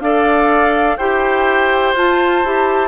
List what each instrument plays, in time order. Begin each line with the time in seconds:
0.00 bassoon D4, clarinet A4, oboe D5, flute F5
0.97 bassoon E4, clarinet G4, oboe C5, flute G5
1.94 bassoon F4, clarinet F4, flute A5
2.44 bassoon E4, clarinet G4